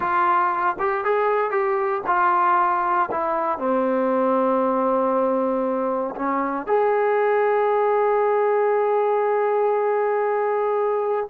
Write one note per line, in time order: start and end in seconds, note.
0.00 0.76 F4
0.79 1.04 G4
1.04 1.50 G#4
1.50 2.02 G4
2.07 3.09 F4
3.11 3.58 E4
3.58 6.14 C4
6.15 6.66 C#4
6.66 11.28 G#4